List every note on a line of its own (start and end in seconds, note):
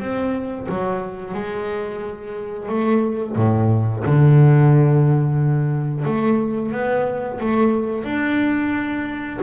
0.00 0.67 C4
0.69 1.35 F#3
1.35 2.69 G#3
2.69 3.36 A3
3.36 4.04 A2
4.06 6.06 D3
6.06 6.72 A3
6.72 7.40 B3
7.41 8.05 A3
8.05 9.40 D4